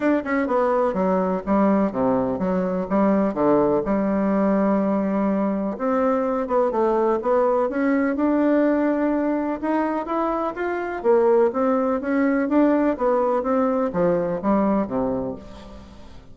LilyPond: \new Staff \with { instrumentName = "bassoon" } { \time 4/4 \tempo 4 = 125 d'8 cis'8 b4 fis4 g4 | c4 fis4 g4 d4 | g1 | c'4. b8 a4 b4 |
cis'4 d'2. | dis'4 e'4 f'4 ais4 | c'4 cis'4 d'4 b4 | c'4 f4 g4 c4 | }